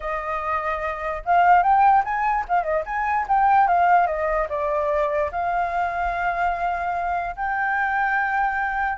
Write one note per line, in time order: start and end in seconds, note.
0.00 1.22 D#5
1.25 1.62 F5
1.62 2.03 G5
2.04 2.45 G#5
2.48 2.63 F5
2.63 2.83 D#5
2.85 3.26 G#5
3.28 3.67 G5
3.67 4.06 F5
4.06 4.47 D#5
4.49 5.30 D5
5.31 7.35 F5
7.36 8.98 G5